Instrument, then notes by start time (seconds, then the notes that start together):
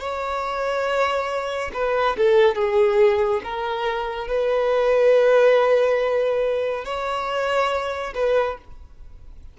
violin
0.00 C#5
1.74 B4
2.17 A4
2.56 G#4
3.44 A#4
4.28 B4
6.85 C#5
8.15 B4